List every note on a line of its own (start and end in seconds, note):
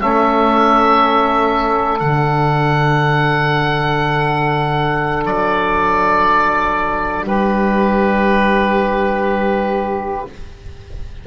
0.00 2.00 A3
0.00 2.00 C#4
0.00 7.25 A4
0.00 1.99 E5
1.99 5.24 D3
1.99 10.25 D4
1.99 5.24 F#5
5.24 7.22 F#3
5.24 7.25 D5
7.22 10.22 G3
7.22 10.25 G4
7.22 10.27 B4